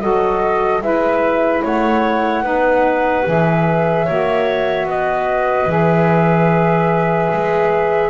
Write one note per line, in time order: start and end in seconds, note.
0.00 0.81 F#3
0.00 0.80 F#4
0.00 0.83 A4
0.00 0.81 D#5
0.80 1.62 G#3
0.80 2.42 E4
0.80 1.62 B4
0.80 1.63 E5
1.62 2.43 A3
1.62 2.43 C#5
1.62 3.27 F#5
2.43 3.24 B3
2.43 3.24 D#4
2.43 4.05 B4
3.25 4.07 E3
3.25 4.06 G#4
3.25 4.89 E5
4.05 4.84 A#3
4.05 5.68 F#4
4.05 4.86 C#5
4.84 5.66 B3
4.84 8.10 B4
4.84 5.70 D#5
5.66 7.28 E3
5.66 8.10 G#4
5.66 8.10 E5
7.32 8.10 G#3